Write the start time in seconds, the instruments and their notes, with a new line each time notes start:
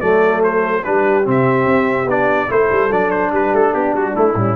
0.00 tuba F#3, trombone A3, horn A4, trumpet D5
0.43 trumpet C5
0.83 tuba G3, trombone D4, horn G4, trumpet B4
1.24 tuba C3, trombone C4
1.30 trumpet E5
1.65 tuba C4
2.05 tuba B3, trombone D4, trumpet D5
2.48 tuba A3, trombone E4, horn A4, trumpet C5
2.71 tuba G3
2.91 tuba F#3, trombone D4, trumpet D5
3.10 trumpet C5
3.32 tuba G3, horn G4, trumpet B4
3.53 tuba A3, trumpet A4
3.73 tuba B3, horn D4, trumpet G4
3.93 tuba G3, trumpet F#4
4.13 trombone A3, tuba A3, trumpet E4
4.34 tuba A2, trombone G3, horn C#4